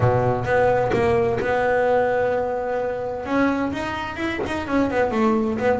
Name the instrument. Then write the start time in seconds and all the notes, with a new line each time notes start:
double bass
0.00 B2
0.44 B3
0.92 A#3
1.40 B3
3.25 C#4
3.72 D#4
4.16 E4
4.46 D#4
4.67 C#4
4.90 B3
5.11 A3
5.58 B3